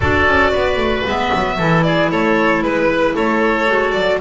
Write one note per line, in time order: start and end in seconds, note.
0.00 0.26 D4
0.00 1.06 F#4
0.00 0.51 A4
0.00 1.06 D5
0.26 0.53 C#4
0.51 0.76 B3
0.51 1.56 B4
0.76 1.02 A3
1.05 1.31 G#3
1.05 1.59 B3
1.05 1.83 E5
1.34 1.58 F#3
1.57 2.11 E3
1.57 3.67 E4
1.57 1.84 A4
1.83 2.11 G#4
1.83 2.09 D5
2.11 2.61 A3
2.11 2.64 A4
2.11 2.62 C#5
2.61 3.14 G#3
2.61 3.15 B4
2.61 3.14 B4
3.14 3.68 A3
3.14 4.20 A4
3.14 3.91 C#5
3.67 3.94 G#3
3.67 4.20 F#4
3.91 4.21 F#3
3.91 4.17 D5